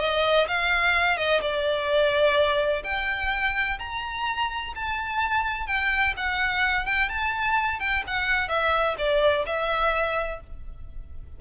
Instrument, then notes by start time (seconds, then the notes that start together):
violin
0.00 D#5
0.48 F5
1.17 D#5
1.42 D5
2.84 G5
3.79 A#5
4.76 A5
5.67 G5
6.17 F#5
6.86 G5
7.10 A5
7.80 G5
8.08 F#5
8.49 E5
8.98 D5
9.46 E5